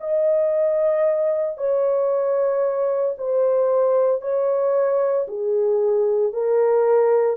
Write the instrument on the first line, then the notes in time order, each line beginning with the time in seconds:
horn
0.00 D#5
1.57 C#5
3.18 C5
4.21 C#5
5.28 G#4
6.33 A#4